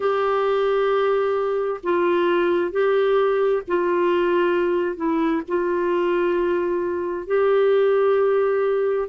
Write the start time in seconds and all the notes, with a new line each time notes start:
0.00 G4
1.83 F4
2.71 G4
3.67 F4
4.96 E4
5.48 F4
7.26 G4